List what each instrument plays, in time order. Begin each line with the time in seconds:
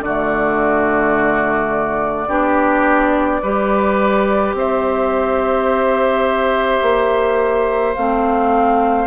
0.00 bassoon D3, oboe F#4, flute D5
0.07 clarinet A3
2.28 bassoon B3, clarinet D4, oboe G4
3.42 bassoon G3, clarinet G4, oboe B4
4.54 bassoon C4, oboe C5, flute E5
6.82 bassoon A#3
7.95 bassoon A3, clarinet C4, flute F5